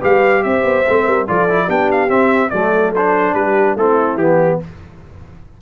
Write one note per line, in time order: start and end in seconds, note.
0.00 0.44 G3
0.00 0.84 G4
0.00 0.42 B4
0.00 0.43 F5
0.43 0.63 C4
0.43 1.05 C5
0.43 1.26 E5
0.63 0.84 B3
0.88 1.07 A3
0.88 1.27 C4
1.05 1.28 G3
1.05 1.26 A#4
1.27 1.68 F3
1.27 1.48 F4
1.27 1.65 A4
1.27 1.70 D5
1.49 1.68 E4
1.65 2.10 B3
1.65 2.09 D4
1.65 2.48 G4
1.65 1.90 G5
1.91 2.10 F5
2.09 2.50 C4
2.09 2.51 C4
2.09 2.49 E5
2.49 3.34 F#3
2.49 2.95 A3
2.49 3.34 A4
2.49 2.91 D5
2.95 3.78 D4
2.95 3.34 C5
3.34 3.76 G3
3.34 3.75 G4
3.34 3.76 B4
3.75 4.16 A3
3.75 4.20 C4
3.75 4.59 E4
3.75 4.17 A4
4.16 4.58 E3
4.16 4.61 B3
4.16 4.59 G4